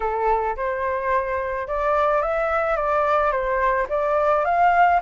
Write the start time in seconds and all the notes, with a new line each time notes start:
0.00 A4
0.56 C5
1.67 D5
2.21 E5
2.76 D5
3.31 C5
3.89 D5
4.44 F5